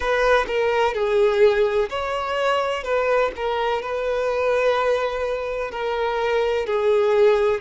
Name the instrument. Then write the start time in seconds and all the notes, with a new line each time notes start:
violin
0.00 B4
0.47 A#4
0.94 G#4
1.89 C#5
2.83 B4
3.36 A#4
3.82 B4
5.71 A#4
6.66 G#4